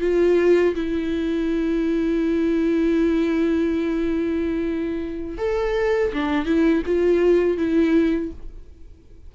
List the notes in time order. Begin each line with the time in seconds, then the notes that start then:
0.00 F4
0.74 E4
5.37 A4
6.13 D4
6.45 E4
6.86 F4
7.57 E4